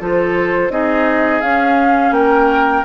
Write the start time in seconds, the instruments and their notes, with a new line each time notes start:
0.00 bassoon F3, clarinet F4, oboe A4, flute C5
0.69 bassoon C4, clarinet D#4, oboe G#4, flute D#5
1.41 bassoon C#4, clarinet C#4, flute F5
2.11 bassoon A#3, oboe A#4, flute G5